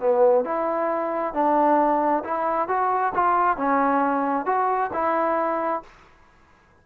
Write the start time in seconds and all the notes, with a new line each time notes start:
0.00 B3
0.45 E4
1.34 D4
2.24 E4
2.68 F#4
3.15 F4
3.57 C#4
4.46 F#4
4.93 E4